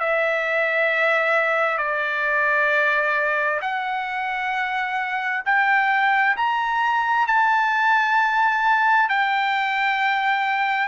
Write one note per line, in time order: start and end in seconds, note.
0.00 1.78 E5
1.78 3.60 D5
3.62 5.44 F#5
5.46 6.37 G5
6.37 7.28 A#5
7.28 9.10 A5
9.10 10.88 G5